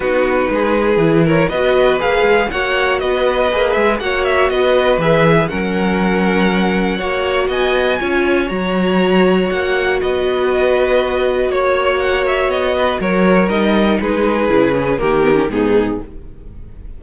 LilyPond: <<
  \new Staff \with { instrumentName = "violin" } { \time 4/4 \tempo 4 = 120 b'2~ b'8 cis''8 dis''4 | f''4 fis''4 dis''4. e''8 | fis''8 e''8 dis''4 e''4 fis''4~ | fis''2. gis''4~ |
gis''4 ais''2 fis''4 | dis''2. cis''4 | fis''8 e''8 dis''4 cis''4 dis''4 | b'2 ais'4 gis'4 | }
  \new Staff \with { instrumentName = "violin" } { \time 4/4 fis'4 gis'4. ais'8 b'4~ | b'4 cis''4 b'2 | cis''4 b'2 ais'4~ | ais'2 cis''4 dis''4 |
cis''1 | b'2. cis''4~ | cis''4. b'8 ais'2 | gis'2 g'4 dis'4 | }
  \new Staff \with { instrumentName = "viola" } { \time 4/4 dis'2 e'4 fis'4 | gis'4 fis'2 gis'4 | fis'2 gis'4 cis'4~ | cis'2 fis'2 |
f'4 fis'2.~ | fis'1~ | fis'2. dis'4~ | dis'4 e'8 cis'8 ais8 b16 cis'16 b4 | }
  \new Staff \with { instrumentName = "cello" } { \time 4/4 b4 gis4 e4 b4 | ais8 gis8 ais4 b4 ais8 gis8 | ais4 b4 e4 fis4~ | fis2 ais4 b4 |
cis'4 fis2 ais4 | b2. ais4~ | ais4 b4 fis4 g4 | gis4 cis4 dis4 gis,4 | }
>>